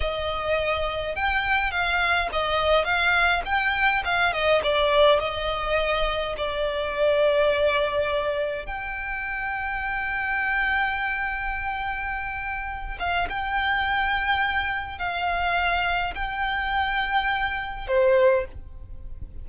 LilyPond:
\new Staff \with { instrumentName = "violin" } { \time 4/4 \tempo 4 = 104 dis''2 g''4 f''4 | dis''4 f''4 g''4 f''8 dis''8 | d''4 dis''2 d''4~ | d''2. g''4~ |
g''1~ | g''2~ g''8 f''8 g''4~ | g''2 f''2 | g''2. c''4 | }